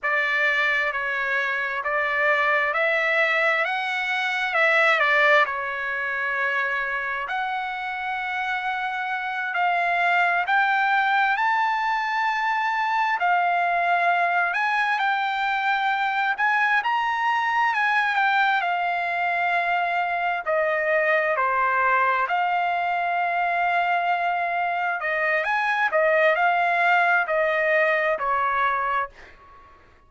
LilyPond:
\new Staff \with { instrumentName = "trumpet" } { \time 4/4 \tempo 4 = 66 d''4 cis''4 d''4 e''4 | fis''4 e''8 d''8 cis''2 | fis''2~ fis''8 f''4 g''8~ | g''8 a''2 f''4. |
gis''8 g''4. gis''8 ais''4 gis''8 | g''8 f''2 dis''4 c''8~ | c''8 f''2. dis''8 | gis''8 dis''8 f''4 dis''4 cis''4 | }